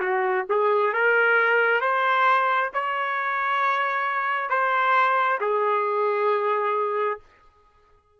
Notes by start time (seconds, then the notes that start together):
0.00 F#4
0.49 G#4
0.93 A#4
1.81 C5
2.74 C#5
4.49 C5
5.41 G#4